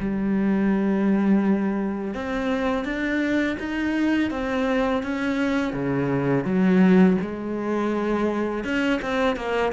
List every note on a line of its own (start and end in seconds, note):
0.00 2.14 G3
2.14 2.85 C4
2.85 3.57 D4
3.59 4.30 D#4
4.30 5.03 C4
5.03 5.73 C#4
5.73 6.44 C#3
6.44 7.17 F#3
7.21 8.64 G#3
8.64 9.00 C#4
9.02 9.36 C4
9.36 9.72 A#3